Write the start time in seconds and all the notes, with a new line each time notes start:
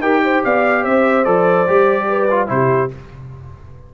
0.00 D#4 G4 A#4 G5
0.25 C5
0.45 B3 D5 F5
0.83 C4 C5 E5
1.25 F3 A4 D5
1.68 G3 G4
2.09 B4
2.31 F4
2.47 C3 E4 G4 C5